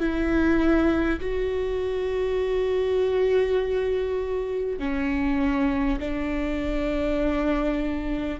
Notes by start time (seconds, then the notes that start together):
0.00 E4
1.20 F#4
4.79 C#4
5.99 D4